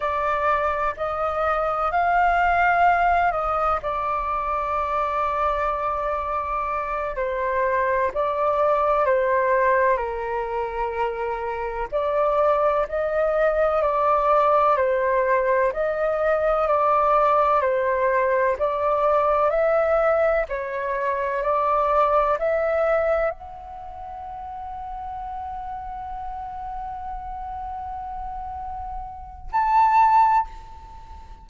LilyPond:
\new Staff \with { instrumentName = "flute" } { \time 4/4 \tempo 4 = 63 d''4 dis''4 f''4. dis''8 | d''2.~ d''8 c''8~ | c''8 d''4 c''4 ais'4.~ | ais'8 d''4 dis''4 d''4 c''8~ |
c''8 dis''4 d''4 c''4 d''8~ | d''8 e''4 cis''4 d''4 e''8~ | e''8 fis''2.~ fis''8~ | fis''2. a''4 | }